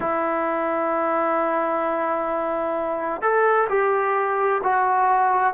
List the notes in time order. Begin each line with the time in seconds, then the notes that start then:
0.00 E4
3.21 A4
3.69 G4
4.63 F#4